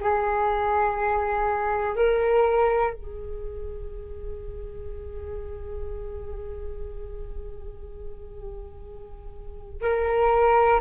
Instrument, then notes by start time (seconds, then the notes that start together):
flute
0.00 G#4
1.95 A#4
2.93 G#4
9.81 A#4